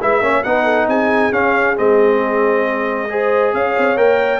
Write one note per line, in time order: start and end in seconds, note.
0.00 0.21 G#3
0.00 0.22 E4
0.00 0.22 B4
0.00 0.43 E5
0.21 0.43 A#3
0.21 0.44 C#4
0.21 0.45 C#5
0.43 0.87 B3
0.43 1.32 D#4
0.43 0.64 B4
0.43 0.87 F#5
0.64 0.86 A4
0.87 1.31 C4
0.87 3.10 G#4
0.87 1.33 G#5
1.32 1.76 C#4
1.32 1.77 F5
1.76 3.54 G#3
1.76 3.08 C4
1.76 3.54 D#5
3.09 3.97 G#4
3.09 3.54 C5
3.54 3.76 C#4
3.54 4.40 C#5
3.54 3.98 F5
3.78 3.98 C4
3.97 4.40 A#3
3.97 4.40 A#4
3.97 4.40 G5